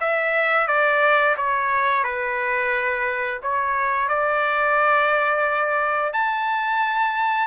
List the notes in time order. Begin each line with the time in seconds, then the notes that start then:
0.00 E5
0.67 D5
1.37 C#5
2.03 B4
3.42 C#5
4.08 D5
6.13 A5